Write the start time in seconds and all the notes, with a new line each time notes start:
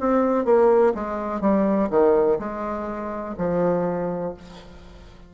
0.00 C4
0.45 A#3
0.95 G#3
1.41 G3
1.90 D#3
2.39 G#3
3.37 F3